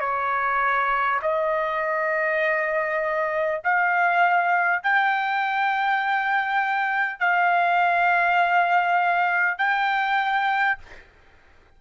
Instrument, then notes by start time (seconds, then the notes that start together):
trumpet
0.00 C#5
1.22 D#5
3.63 F5
4.83 G5
7.19 F5
9.58 G5